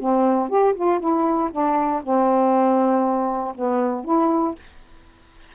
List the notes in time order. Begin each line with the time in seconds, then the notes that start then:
0.00 C4
0.49 G4
0.75 F4
1.00 E4
1.51 D4
2.03 C4
3.55 B3
4.05 E4